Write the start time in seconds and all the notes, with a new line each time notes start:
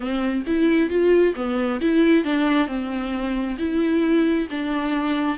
0.00 C4
0.46 E4
0.90 F4
1.35 B3
1.80 E4
2.24 D4
2.67 C4
3.58 E4
4.50 D4